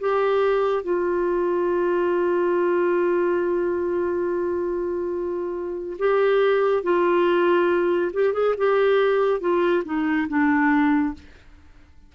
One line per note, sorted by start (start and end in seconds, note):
0.00 0.83 G4
0.83 5.98 F4
5.99 6.83 G4
6.83 8.12 F4
8.14 8.33 G4
8.33 8.55 G#4
8.58 9.41 G4
9.41 9.83 F4
9.85 10.28 D#4
10.29 11.14 D4